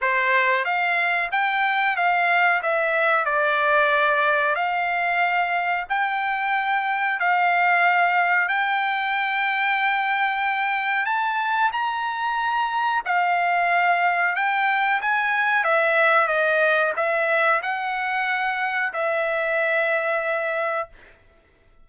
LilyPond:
\new Staff \with { instrumentName = "trumpet" } { \time 4/4 \tempo 4 = 92 c''4 f''4 g''4 f''4 | e''4 d''2 f''4~ | f''4 g''2 f''4~ | f''4 g''2.~ |
g''4 a''4 ais''2 | f''2 g''4 gis''4 | e''4 dis''4 e''4 fis''4~ | fis''4 e''2. | }